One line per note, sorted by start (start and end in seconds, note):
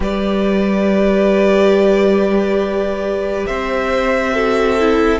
0.00 3.45 G3
0.00 4.33 G4
0.00 3.47 B4
0.00 3.46 D5
3.46 5.19 C4
3.46 4.33 C5
3.46 5.19 E5
4.33 4.76 F#4
4.33 5.19 A4
4.79 5.19 E4